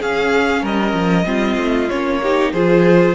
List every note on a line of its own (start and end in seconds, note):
0.00 0.62 C#4
0.00 1.25 C#4
0.00 0.63 G#4
0.00 0.66 F5
0.62 0.94 G3
0.62 1.26 A#4
0.62 1.90 D#5
0.94 1.26 F3
1.25 1.57 G3
1.25 1.88 C4
1.25 2.22 F4
1.57 1.89 A3
1.90 2.54 A#3
1.90 2.22 C#4
1.90 2.53 C#5
2.22 2.55 D#4
2.22 2.54 G4
2.53 3.16 F3
2.53 3.16 F4
2.53 3.16 G#4
2.53 3.16 C5